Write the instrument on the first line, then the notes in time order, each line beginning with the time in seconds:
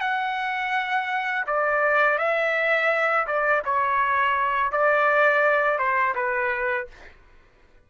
trumpet
0.00 F#5
1.46 D5
2.18 E5
3.27 D5
3.65 C#5
4.72 D5
5.78 C5
6.15 B4